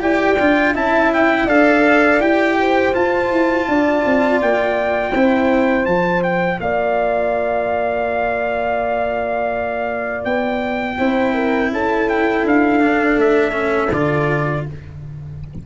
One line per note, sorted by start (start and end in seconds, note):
0.00 0.37 E4
0.00 0.37 G4
0.00 0.75 D5
0.00 0.75 G5
0.39 0.76 D4
0.39 0.75 F4
0.75 1.48 C#4
0.75 1.48 E4
0.75 1.46 E5
0.75 1.13 A5
1.14 1.49 G5
1.46 2.20 D4
1.46 2.21 A4
1.46 2.56 D5
1.46 2.21 F5
2.20 2.93 E4
2.20 2.93 G4
2.20 2.95 G5
2.59 3.69 C5
2.93 5.12 F4
2.93 3.31 F4
2.93 4.41 A5
3.31 3.67 E4
3.68 4.05 D4
3.68 5.12 D5
4.06 4.42 C4
4.42 5.15 A#3
4.42 5.86 G5
5.12 5.87 C4
5.12 5.88 E4
5.12 6.59 C5
5.86 6.60 F3
5.86 10.99 F4
5.86 6.23 A5
6.23 6.60 G5
6.60 10.25 A#3
6.60 10.99 D5
6.60 10.25 F5
10.25 10.98 B3
10.25 11.71 G5
10.99 11.71 C4
10.99 12.80 E4
10.99 11.35 C5
11.35 11.71 A#4
11.71 12.45 C#4
11.71 14.66 A4
11.71 12.09 A5
12.09 12.46 G5
12.45 13.17 D4
12.45 13.20 F5
12.80 13.52 D4
13.17 13.91 A3
13.17 13.93 E5
13.52 13.89 C#4
13.92 14.66 D3
13.92 14.67 F4
13.92 14.66 D5